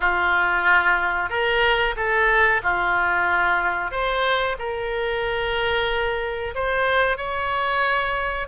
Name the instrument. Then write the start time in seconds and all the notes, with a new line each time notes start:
oboe
0.00 F4
1.29 A#4
1.96 A4
2.62 F4
3.91 C5
4.58 A#4
6.54 C5
7.17 C#5